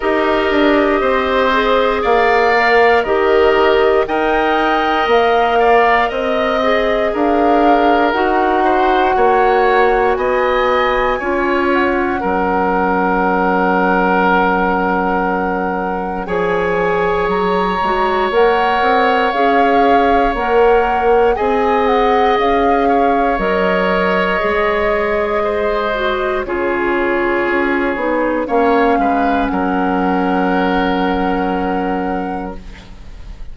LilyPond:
<<
  \new Staff \with { instrumentName = "flute" } { \time 4/4 \tempo 4 = 59 dis''2 f''4 dis''4 | g''4 f''4 dis''4 f''4 | fis''2 gis''4. fis''8~ | fis''1 |
gis''4 ais''4 fis''4 f''4 | fis''4 gis''8 fis''8 f''4 dis''4~ | dis''2 cis''2 | f''4 fis''2. | }
  \new Staff \with { instrumentName = "oboe" } { \time 4/4 ais'4 c''4 d''4 ais'4 | dis''4. d''8 dis''4 ais'4~ | ais'8 c''8 cis''4 dis''4 cis''4 | ais'1 |
cis''1~ | cis''4 dis''4. cis''4.~ | cis''4 c''4 gis'2 | cis''8 b'8 ais'2. | }
  \new Staff \with { instrumentName = "clarinet" } { \time 4/4 g'4. gis'4 ais'8 g'4 | ais'2~ ais'8 gis'4. | fis'2. f'4 | cis'1 |
gis'4. fis'8 ais'4 gis'4 | ais'4 gis'2 ais'4 | gis'4. fis'8 f'4. dis'8 | cis'1 | }
  \new Staff \with { instrumentName = "bassoon" } { \time 4/4 dis'8 d'8 c'4 ais4 dis4 | dis'4 ais4 c'4 d'4 | dis'4 ais4 b4 cis'4 | fis1 |
f4 fis8 gis8 ais8 c'8 cis'4 | ais4 c'4 cis'4 fis4 | gis2 cis4 cis'8 b8 | ais8 gis8 fis2. | }
>>